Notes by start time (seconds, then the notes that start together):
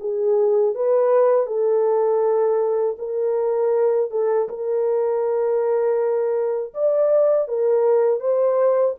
0.00 G#4
0.75 B4
1.47 A4
2.98 A#4
4.11 A4
4.49 A#4
6.74 D5
7.48 A#4
8.20 C5